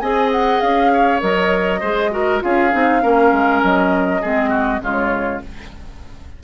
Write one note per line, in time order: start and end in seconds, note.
0.00 0.62 C4
0.00 1.20 G#4
0.00 0.92 D#5
0.00 0.30 G#5
0.32 0.61 F#5
0.61 1.22 C#4
0.61 1.21 F5
0.93 1.81 C#5
1.20 1.82 F#3
1.20 1.80 A#4
1.20 2.42 D#5
1.81 2.42 G#3
1.81 2.12 G#4
1.81 2.11 C5
2.12 2.41 F#4
2.12 2.44 A#4
2.41 2.74 C#4
2.41 2.71 F4
2.41 3.03 G#4
2.41 3.63 F5
2.72 3.04 C4
2.72 3.02 D#4
3.02 3.32 A#3
3.02 4.22 C#4
3.02 4.22 A#4
3.32 3.62 G#3
3.64 4.24 F#3
3.64 4.82 D#5
4.22 4.81 G#3
4.22 4.81 C4
4.22 4.50 G#4
4.50 4.80 F#4
4.81 5.41 C#3
4.81 5.41 G#3
4.81 5.44 F4
4.81 5.42 C#5